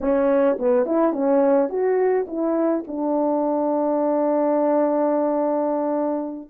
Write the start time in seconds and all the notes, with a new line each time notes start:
0.01 C#4
0.58 B3
0.85 E4
1.12 C#4
1.69 F#4
2.27 E4
2.87 D4